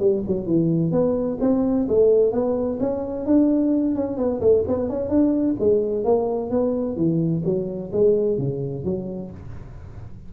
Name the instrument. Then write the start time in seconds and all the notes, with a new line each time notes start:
tuba
0.00 G3
0.28 F#3
0.47 E3
0.92 B3
1.41 C4
1.89 A3
2.33 B3
2.80 C#4
3.26 D4
3.96 C#4
4.18 B3
4.41 A3
4.68 B3
4.90 C#4
5.10 D4
5.60 G#3
6.05 A#3
6.51 B3
6.97 E3
7.45 F#3
7.93 G#3
8.38 C#3
8.85 F#3